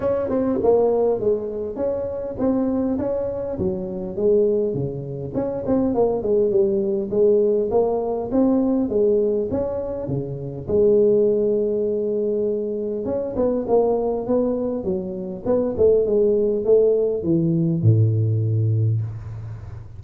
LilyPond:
\new Staff \with { instrumentName = "tuba" } { \time 4/4 \tempo 4 = 101 cis'8 c'8 ais4 gis4 cis'4 | c'4 cis'4 fis4 gis4 | cis4 cis'8 c'8 ais8 gis8 g4 | gis4 ais4 c'4 gis4 |
cis'4 cis4 gis2~ | gis2 cis'8 b8 ais4 | b4 fis4 b8 a8 gis4 | a4 e4 a,2 | }